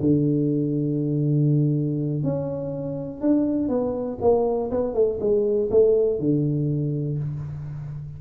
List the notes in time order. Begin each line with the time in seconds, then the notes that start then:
0.00 D3
2.23 C#4
3.21 D4
3.68 B3
4.21 A#3
4.71 B3
4.94 A3
5.20 G#3
5.70 A3
6.19 D3